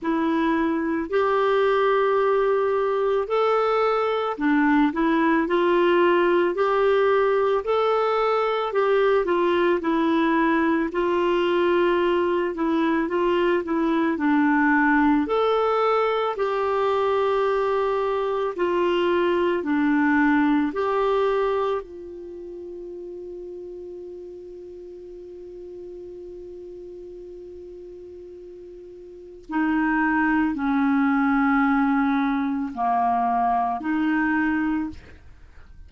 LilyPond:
\new Staff \with { instrumentName = "clarinet" } { \time 4/4 \tempo 4 = 55 e'4 g'2 a'4 | d'8 e'8 f'4 g'4 a'4 | g'8 f'8 e'4 f'4. e'8 | f'8 e'8 d'4 a'4 g'4~ |
g'4 f'4 d'4 g'4 | f'1~ | f'2. dis'4 | cis'2 ais4 dis'4 | }